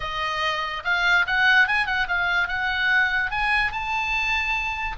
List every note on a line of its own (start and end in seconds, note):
0.00 0.83 D#5
0.84 1.25 F5
1.26 1.67 F#5
1.67 1.86 G#5
1.86 2.07 F#5
2.08 2.48 F5
2.48 3.30 F#5
3.30 3.72 G#5
3.72 4.96 A5